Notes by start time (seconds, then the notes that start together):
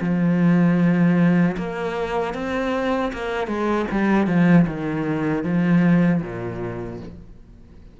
0.00 F3
1.57 A#3
2.34 C4
3.12 A#3
3.47 G#3
3.91 G3
4.26 F3
4.67 D#3
5.43 F3
6.22 A#2